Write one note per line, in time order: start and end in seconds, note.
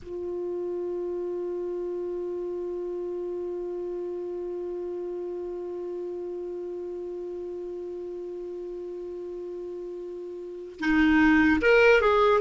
0.02 10.80 F4
10.80 11.60 D#4
11.61 12.01 A#4
12.01 12.41 G#4